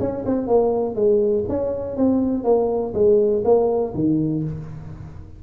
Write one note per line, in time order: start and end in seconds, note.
0.00 0.25 C#4
0.26 0.48 C4
0.48 0.96 A#3
0.96 1.45 G#3
1.49 1.97 C#4
1.97 2.44 C4
2.44 2.94 A#3
2.94 3.43 G#3
3.44 3.94 A#3
3.95 4.44 D#3